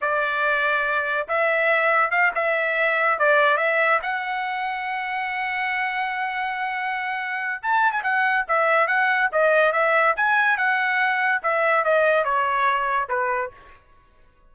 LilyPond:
\new Staff \with { instrumentName = "trumpet" } { \time 4/4 \tempo 4 = 142 d''2. e''4~ | e''4 f''8 e''2 d''8~ | d''8 e''4 fis''2~ fis''8~ | fis''1~ |
fis''2 a''8. gis''16 fis''4 | e''4 fis''4 dis''4 e''4 | gis''4 fis''2 e''4 | dis''4 cis''2 b'4 | }